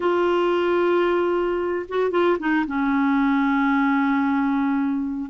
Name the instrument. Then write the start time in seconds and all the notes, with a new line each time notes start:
clarinet
0.00 F4
1.88 F#4
2.10 F4
2.39 D#4
2.66 C#4